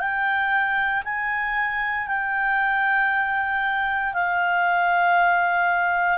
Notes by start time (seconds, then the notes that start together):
0.00 G5
1.05 G#5
2.08 G5
4.14 F5